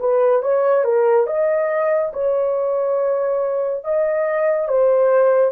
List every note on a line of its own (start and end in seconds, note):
0.00 0.42 B4
0.42 0.85 C#5
0.85 1.27 A#4
1.27 2.12 D#5
2.13 3.85 C#5
3.85 4.69 D#5
4.69 5.52 C5